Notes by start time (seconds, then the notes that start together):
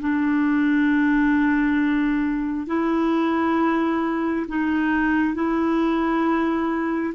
0.00 D4
2.67 E4
4.48 D#4
5.34 E4